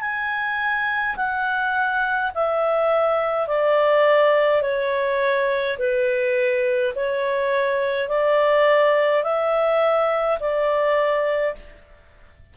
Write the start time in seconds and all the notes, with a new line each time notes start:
0.00 G#5
1.16 F#5
2.34 E5
3.47 D5
4.62 C#5
5.78 B4
6.95 C#5
8.08 D5
9.23 E5
10.40 D5